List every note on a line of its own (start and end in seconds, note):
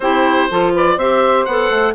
0.00 0.48 C4
0.00 0.50 E4
0.00 0.49 G4
0.00 0.72 C5
0.49 0.96 F3
0.49 0.99 F4
0.49 0.73 A4
0.73 0.96 B4
0.73 0.98 D5
0.96 1.45 C4
0.96 1.48 G4
0.96 1.93 C5
0.96 1.45 E5
1.45 1.70 B3
1.45 1.94 A4
1.45 1.94 F#5
1.70 1.94 A3